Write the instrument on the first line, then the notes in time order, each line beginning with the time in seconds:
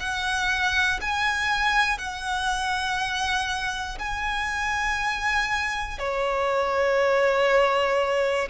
violin
0.00 F#5
1.01 G#5
1.99 F#5
3.99 G#5
5.99 C#5